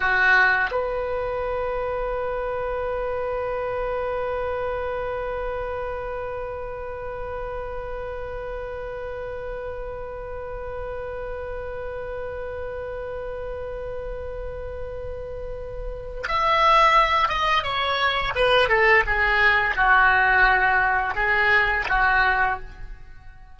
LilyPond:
\new Staff \with { instrumentName = "oboe" } { \time 4/4 \tempo 4 = 85 fis'4 b'2.~ | b'1~ | b'1~ | b'1~ |
b'1~ | b'2. e''4~ | e''8 dis''8 cis''4 b'8 a'8 gis'4 | fis'2 gis'4 fis'4 | }